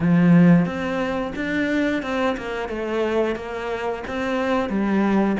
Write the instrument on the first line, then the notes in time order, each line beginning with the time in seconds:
cello
0.00 F3
0.65 C4
1.35 D4
2.02 C4
2.37 A#3
2.68 A3
3.35 A#3
4.07 C4
4.69 G3